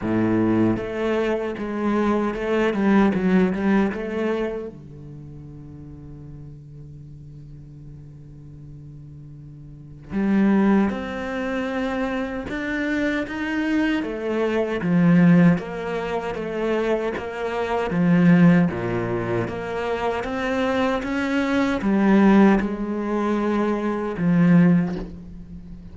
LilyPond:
\new Staff \with { instrumentName = "cello" } { \time 4/4 \tempo 4 = 77 a,4 a4 gis4 a8 g8 | fis8 g8 a4 d2~ | d1~ | d4 g4 c'2 |
d'4 dis'4 a4 f4 | ais4 a4 ais4 f4 | ais,4 ais4 c'4 cis'4 | g4 gis2 f4 | }